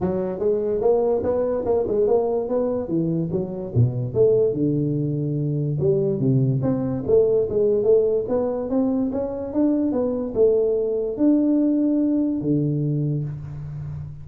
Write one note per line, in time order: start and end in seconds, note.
0.00 0.39 F#3
0.39 0.80 G#3
0.80 1.22 A#3
1.23 1.64 B3
1.65 1.86 A#3
1.87 2.07 G#3
2.07 2.48 A#3
2.48 2.88 B3
2.88 3.29 E3
3.31 3.72 F#3
3.74 4.14 B2
4.14 4.53 A3
4.53 5.77 D3
5.79 6.19 G3
6.19 6.60 C3
6.62 7.03 C4
7.06 7.48 A3
7.49 7.83 G#3
7.83 8.25 A3
8.28 8.69 B3
8.69 9.11 C4
9.11 9.53 C#4
9.53 9.92 D4
9.92 10.33 B3
10.34 11.17 A3
11.17 12.41 D4
12.41 13.24 D3